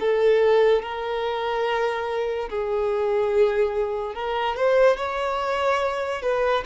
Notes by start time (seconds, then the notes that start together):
0.00 A4
0.82 A#4
2.49 G#4
4.15 A#4
4.56 C5
4.97 C#5
6.22 B4